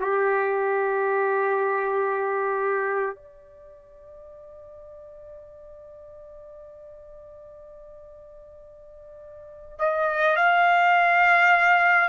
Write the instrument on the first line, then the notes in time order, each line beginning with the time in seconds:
trumpet
0.00 G4
3.15 D5
9.79 D#5
10.36 F5